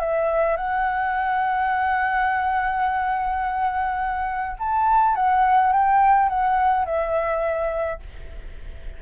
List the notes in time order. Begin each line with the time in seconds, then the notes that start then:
0.00 E5
0.57 F#5
4.59 A5
5.16 F#5
5.72 G5
6.29 F#5
6.86 E5